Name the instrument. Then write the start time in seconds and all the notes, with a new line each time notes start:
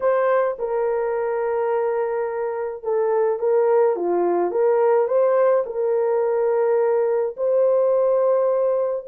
horn
0.00 C5
0.58 A#4
2.83 A4
3.39 A#4
3.96 F4
4.51 A#4
5.07 C5
5.66 A#4
7.37 C5